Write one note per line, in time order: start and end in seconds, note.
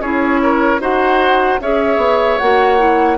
0.00 0.79 C#4
0.00 0.81 E4
0.00 0.41 G#4
0.00 0.81 C#5
0.43 0.82 A#4
0.80 1.59 D#4
0.80 1.60 F#4
0.80 1.61 C5
0.80 1.61 F#5
1.61 1.97 C#4
1.61 2.42 G#4
1.61 3.18 C#5
1.61 2.39 E5
1.97 2.37 B3
2.39 3.18 A#3
2.39 2.79 F#4
2.39 3.18 F#5
2.79 3.18 E4